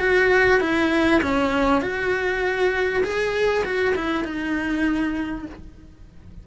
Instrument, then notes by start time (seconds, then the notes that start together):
cello
0.00 F#4
0.61 E4
1.22 C#4
1.82 F#4
3.04 G#4
3.64 F#4
3.95 E4
4.25 D#4